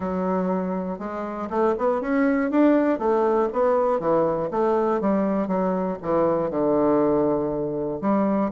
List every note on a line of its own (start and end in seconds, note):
0.00 0.98 F#3
0.98 1.48 G#3
1.50 1.75 A3
1.77 2.01 B3
2.01 2.50 C#4
2.50 2.98 D4
2.98 3.48 A3
3.52 3.99 B3
3.99 4.49 E3
4.50 5.00 A3
5.00 5.47 G3
5.47 5.97 F#3
6.02 6.50 E3
6.50 8.00 D3
8.01 8.51 G3